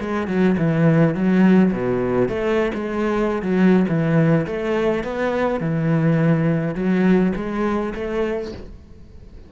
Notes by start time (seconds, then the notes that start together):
0.00 G#3
0.27 F#3
0.57 E3
1.14 F#3
1.73 B2
2.28 A3
2.74 G#3
3.42 F#3
3.88 E3
4.47 A3
5.04 B3
5.60 E3
6.75 F#3
7.36 G#3
7.95 A3